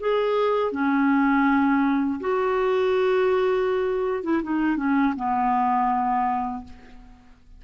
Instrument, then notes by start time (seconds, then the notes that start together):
clarinet
0.00 G#4
0.72 C#4
2.21 F#4
4.24 E4
4.43 D#4
4.77 C#4
5.16 B3